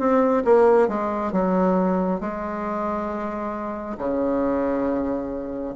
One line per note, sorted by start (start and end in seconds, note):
0.00 0.44 C4
0.45 0.89 A#3
0.89 1.33 G#3
1.33 2.21 F#3
2.21 3.97 G#3
3.98 5.75 C#3